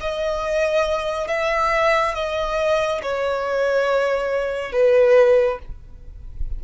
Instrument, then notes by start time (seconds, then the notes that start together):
violin
0.00 D#5
1.28 E5
2.14 D#5
3.02 C#5
4.72 B4